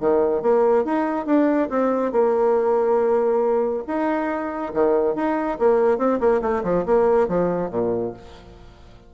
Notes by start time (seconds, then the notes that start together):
0.00 D#3
0.42 A#3
0.85 D#4
1.26 D4
1.70 C4
2.12 A#3
3.87 D#4
4.74 D#3
5.16 D#4
5.59 A#3
5.98 C4
6.20 A#3
6.42 A3
6.64 F3
6.86 A#3
7.28 F3
7.71 A#2